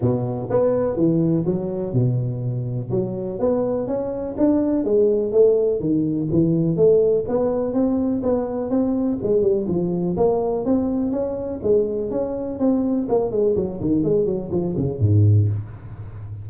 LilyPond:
\new Staff \with { instrumentName = "tuba" } { \time 4/4 \tempo 4 = 124 b,4 b4 e4 fis4 | b,2 fis4 b4 | cis'4 d'4 gis4 a4 | dis4 e4 a4 b4 |
c'4 b4 c'4 gis8 g8 | f4 ais4 c'4 cis'4 | gis4 cis'4 c'4 ais8 gis8 | fis8 dis8 gis8 fis8 f8 cis8 gis,4 | }